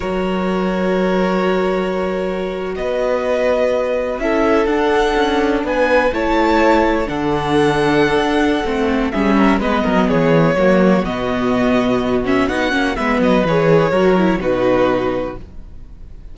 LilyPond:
<<
  \new Staff \with { instrumentName = "violin" } { \time 4/4 \tempo 4 = 125 cis''1~ | cis''4.~ cis''16 dis''2~ dis''16~ | dis''8. e''4 fis''2 gis''16~ | gis''8. a''2 fis''4~ fis''16~ |
fis''2. e''4 | dis''4 cis''2 dis''4~ | dis''4. e''8 fis''4 e''8 dis''8 | cis''2 b'2 | }
  \new Staff \with { instrumentName = "violin" } { \time 4/4 ais'1~ | ais'4.~ ais'16 b'2~ b'16~ | b'8. a'2. b'16~ | b'8. cis''2 a'4~ a'16~ |
a'2. gis'8 ais'8 | b'8 ais'8 gis'4 fis'2~ | fis'2. b'4~ | b'4 ais'4 fis'2 | }
  \new Staff \with { instrumentName = "viola" } { \time 4/4 fis'1~ | fis'1~ | fis'8. e'4 d'2~ d'16~ | d'8. e'2 d'4~ d'16~ |
d'2 c'4 cis'4 | b2 ais4 b4~ | b4. cis'8 dis'8 cis'8 b4 | gis'4 fis'8 e'8 dis'2 | }
  \new Staff \with { instrumentName = "cello" } { \time 4/4 fis1~ | fis4.~ fis16 b2~ b16~ | b8. cis'4 d'4 cis'4 b16~ | b8. a2 d4~ d16~ |
d4 d'4 a4 g4 | gis8 fis8 e4 fis4 b,4~ | b,2 b8 ais8 gis8 fis8 | e4 fis4 b,2 | }
>>